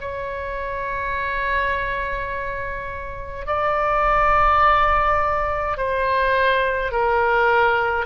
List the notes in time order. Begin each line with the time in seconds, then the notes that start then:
0.00 C#5
3.46 D5
5.77 C5
6.91 A#4